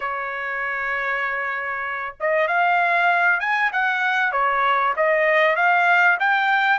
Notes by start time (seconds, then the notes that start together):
0.00 C#5
2.20 D#5
2.47 F5
3.40 G#5
3.72 F#5
4.32 C#5
4.96 D#5
5.56 F5
6.19 G5